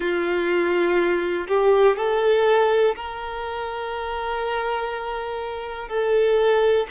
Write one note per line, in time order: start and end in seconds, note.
0.00 1.47 F4
1.48 1.97 G4
1.97 2.95 A4
2.95 5.88 A#4
5.88 6.86 A4